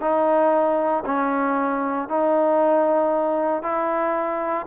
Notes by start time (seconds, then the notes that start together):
0.00 D#4
1.05 C#4
2.08 D#4
3.62 E4